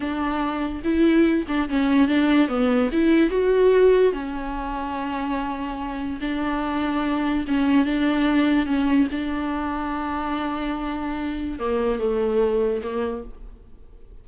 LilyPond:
\new Staff \with { instrumentName = "viola" } { \time 4/4 \tempo 4 = 145 d'2 e'4. d'8 | cis'4 d'4 b4 e'4 | fis'2 cis'2~ | cis'2. d'4~ |
d'2 cis'4 d'4~ | d'4 cis'4 d'2~ | d'1 | ais4 a2 ais4 | }